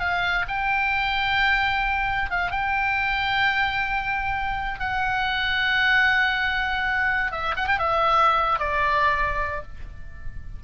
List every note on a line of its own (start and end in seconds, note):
0.00 0.46 F5
0.48 2.31 G5
2.31 2.51 F5
2.51 4.80 G5
4.80 7.32 F#5
7.32 7.55 E5
7.57 7.68 F#5
7.68 7.79 G5
7.79 8.59 E5
8.59 9.62 D5